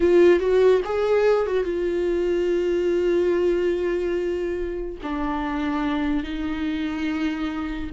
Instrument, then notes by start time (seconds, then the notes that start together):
viola
0.00 F4
0.39 F#4
0.84 G#4
1.46 F#4
1.64 F4
5.02 D4
6.23 D#4